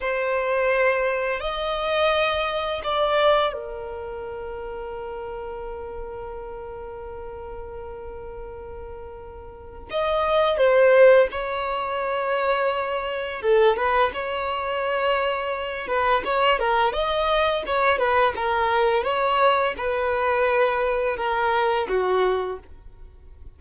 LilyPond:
\new Staff \with { instrumentName = "violin" } { \time 4/4 \tempo 4 = 85 c''2 dis''2 | d''4 ais'2.~ | ais'1~ | ais'2 dis''4 c''4 |
cis''2. a'8 b'8 | cis''2~ cis''8 b'8 cis''8 ais'8 | dis''4 cis''8 b'8 ais'4 cis''4 | b'2 ais'4 fis'4 | }